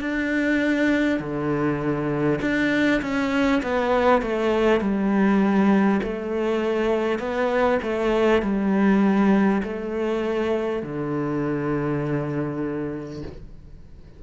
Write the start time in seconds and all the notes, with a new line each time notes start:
0.00 D4
1.19 D3
2.41 D4
3.01 C#4
3.62 B3
4.22 A3
4.81 G3
6.03 A3
7.18 B3
7.82 A3
8.42 G3
9.63 A3
10.82 D3